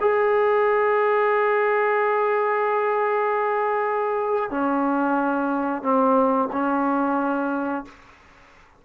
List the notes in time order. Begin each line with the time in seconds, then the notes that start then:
0.00 G#4
4.50 C#4
5.82 C4
6.52 C#4